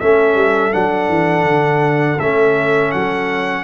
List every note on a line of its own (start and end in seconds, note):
0.00 0.35 A3
0.00 0.72 C#4
0.00 3.64 A4
0.00 0.73 E5
0.35 0.72 G3
0.72 1.09 F#3
0.72 2.19 D4
0.72 2.20 F#5
1.09 1.45 E3
1.45 2.18 D3
2.20 2.93 A3
2.20 3.64 C#4
2.20 2.92 E5
2.92 3.64 F#3
2.92 3.64 F#5